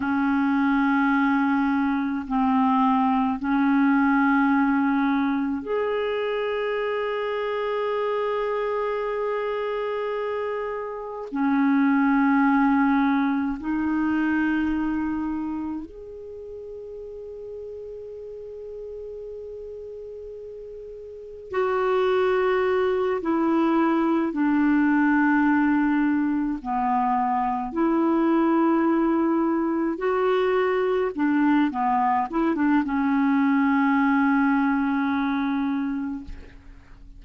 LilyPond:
\new Staff \with { instrumentName = "clarinet" } { \time 4/4 \tempo 4 = 53 cis'2 c'4 cis'4~ | cis'4 gis'2.~ | gis'2 cis'2 | dis'2 gis'2~ |
gis'2. fis'4~ | fis'8 e'4 d'2 b8~ | b8 e'2 fis'4 d'8 | b8 e'16 d'16 cis'2. | }